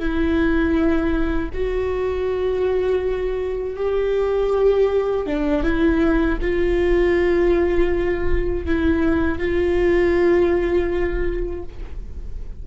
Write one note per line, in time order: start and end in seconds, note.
0.00 1.50 E4
1.54 3.77 F#4
3.77 5.27 G4
5.27 5.64 D4
5.64 6.39 E4
6.42 8.66 F4
8.66 9.39 E4
9.39 11.64 F4